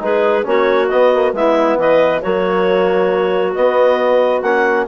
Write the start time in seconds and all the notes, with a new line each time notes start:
0.00 G#3 D#4 G#4 B4
0.43 A#3 C#4 F#4 C#5
0.88 B3 D#5
1.14 A#3
1.33 G#3 B3 E4 E5
1.77 E3 B4 D#5
2.21 F#3 A#3 F#4 C#5
3.54 B3 D#5
4.42 A#3 C#4 F#5